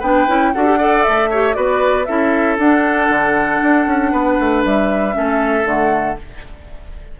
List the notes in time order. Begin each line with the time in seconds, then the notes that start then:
0.00 B3 D4 B4 G5
0.28 C#4 E4
0.54 D4 F#4 A4 F#5
0.66 G4
0.79 A4 D5
1.03 A3 E5
1.31 G4 C#5
1.54 B3 F#4 B4 D5
2.06 C#4 E4 A4 E5
2.58 D4 F#5
3.10 D3
3.63 D4
3.87 C#4
4.12 B3 B4
4.40 A3
4.65 G3 E5
5.13 A3 C#4 A4
5.65 D3 A3 F#5